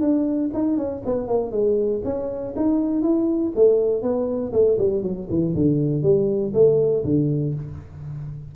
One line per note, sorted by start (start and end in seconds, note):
0.00 0.50 D4
0.53 0.77 D#4
0.77 1.02 C#4
1.05 1.27 B3
1.27 1.51 A#3
1.51 2.01 G#3
2.04 2.54 C#4
2.56 3.02 D#4
3.02 3.52 E4
3.55 4.02 A3
4.02 4.52 B3
4.52 4.77 A3
4.78 5.02 G3
5.02 5.27 F#3
5.30 5.55 E3
5.55 6.02 D3
6.02 6.52 G3
6.53 7.03 A3
7.04 7.54 D3